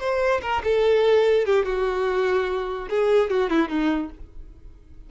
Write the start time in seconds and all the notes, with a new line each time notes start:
0.00 C5
0.42 A#4
0.64 A4
1.46 G4
1.66 F#4
2.90 G#4
3.30 F#4
3.50 E4
3.69 D#4